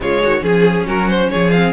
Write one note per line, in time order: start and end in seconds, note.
0.00 0.22 C#3
0.00 0.41 G#3
0.00 0.22 F4
0.00 0.43 C#5
0.22 0.43 D#3
0.22 0.43 F#4
0.41 0.86 F3
0.41 1.50 C#4
0.41 0.86 G#4
0.41 0.87 G#4
0.87 1.31 F#3
0.87 1.30 F#4
0.87 1.09 A#4
1.09 1.30 C5
1.30 1.73 F3
1.30 1.73 G#4
1.30 1.51 C#5
1.51 1.73 C4
1.51 1.73 F5